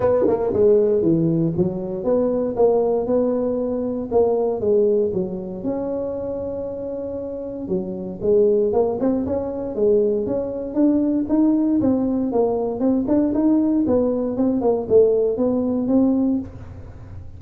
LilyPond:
\new Staff \with { instrumentName = "tuba" } { \time 4/4 \tempo 4 = 117 b8 ais8 gis4 e4 fis4 | b4 ais4 b2 | ais4 gis4 fis4 cis'4~ | cis'2. fis4 |
gis4 ais8 c'8 cis'4 gis4 | cis'4 d'4 dis'4 c'4 | ais4 c'8 d'8 dis'4 b4 | c'8 ais8 a4 b4 c'4 | }